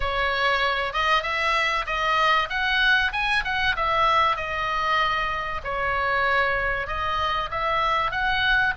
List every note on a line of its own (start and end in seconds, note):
0.00 0.93 C#5
0.93 1.22 D#5
1.22 1.85 E5
1.86 2.49 D#5
2.49 3.12 F#5
3.12 3.43 G#5
3.44 3.75 F#5
3.76 4.36 E5
4.36 5.61 D#5
5.64 6.87 C#5
6.87 7.49 D#5
7.51 8.11 E5
8.11 8.73 F#5